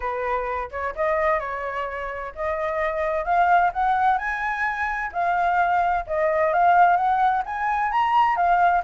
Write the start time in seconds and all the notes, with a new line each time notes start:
0.00 B4
0.71 C#5
0.95 D#5
1.39 C#5
2.35 D#5
3.24 F5
3.73 F#5
4.18 G#5
5.12 F5
6.06 D#5
6.53 F5
6.96 F#5
7.45 G#5
7.91 A#5
8.36 F5